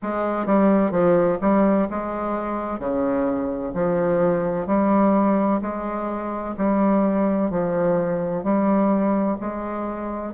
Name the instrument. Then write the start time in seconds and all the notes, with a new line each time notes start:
bassoon
0.02 G#3
0.46 G3
0.91 F3
1.41 G3
1.90 G#3
2.79 C#3
3.73 F3
4.66 G3
5.61 G#3
6.57 G3
7.50 F3
8.43 G3
9.40 G#3